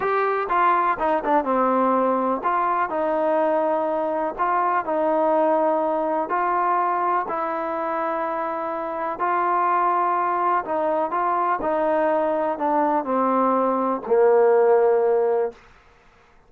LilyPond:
\new Staff \with { instrumentName = "trombone" } { \time 4/4 \tempo 4 = 124 g'4 f'4 dis'8 d'8 c'4~ | c'4 f'4 dis'2~ | dis'4 f'4 dis'2~ | dis'4 f'2 e'4~ |
e'2. f'4~ | f'2 dis'4 f'4 | dis'2 d'4 c'4~ | c'4 ais2. | }